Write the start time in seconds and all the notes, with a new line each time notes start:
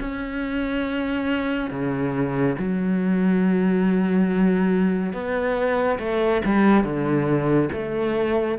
0.00 C#4
1.71 C#3
2.59 F#3
5.13 B3
5.99 A3
6.45 G3
6.84 D3
7.73 A3